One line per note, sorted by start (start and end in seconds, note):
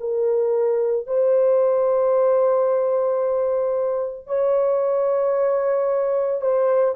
0.00 1.06 A#4
1.06 4.27 C5
4.27 6.41 C#5
6.41 6.94 C5